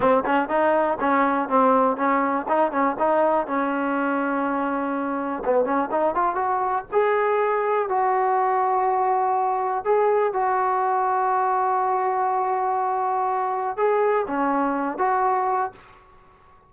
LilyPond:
\new Staff \with { instrumentName = "trombone" } { \time 4/4 \tempo 4 = 122 c'8 cis'8 dis'4 cis'4 c'4 | cis'4 dis'8 cis'8 dis'4 cis'4~ | cis'2. b8 cis'8 | dis'8 f'8 fis'4 gis'2 |
fis'1 | gis'4 fis'2.~ | fis'1 | gis'4 cis'4. fis'4. | }